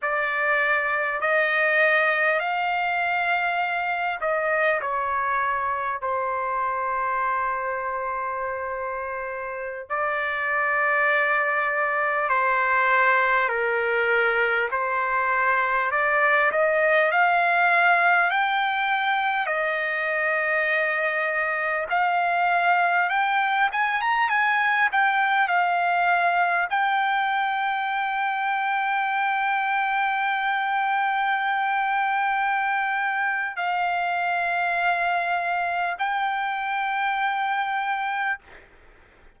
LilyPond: \new Staff \with { instrumentName = "trumpet" } { \time 4/4 \tempo 4 = 50 d''4 dis''4 f''4. dis''8 | cis''4 c''2.~ | c''16 d''2 c''4 ais'8.~ | ais'16 c''4 d''8 dis''8 f''4 g''8.~ |
g''16 dis''2 f''4 g''8 gis''16 | ais''16 gis''8 g''8 f''4 g''4.~ g''16~ | g''1 | f''2 g''2 | }